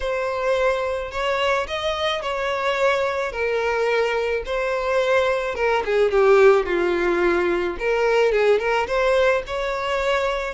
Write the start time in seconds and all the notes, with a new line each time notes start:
0.00 C5
1.11 C#5
1.67 D#5
2.21 C#5
3.32 A#4
4.45 C5
5.55 A#4
5.85 G#4
6.11 G4
6.65 F4
7.79 A#4
8.32 G#4
8.59 A#4
8.87 C5
9.46 C#5